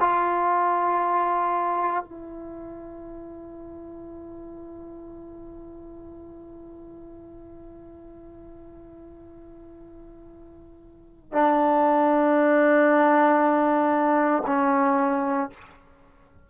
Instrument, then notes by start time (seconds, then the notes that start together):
trombone
0.00 F4
2.04 E4
11.33 D4
14.46 C#4